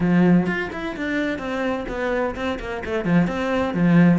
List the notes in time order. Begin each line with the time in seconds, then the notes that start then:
0.00 F3
0.46 F4
0.72 E4
0.96 D4
1.38 C4
1.88 B3
2.35 C4
2.59 A#3
2.85 A3
3.04 F3
3.27 C4
3.74 F3